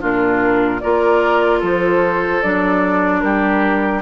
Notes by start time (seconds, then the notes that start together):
0.00 A#2 D4 F4 A#4
0.80 A#3 F4 A#4 D5
1.60 F3 A4 C5
2.42 F#3 D4 D5
3.21 G3 G4 A#4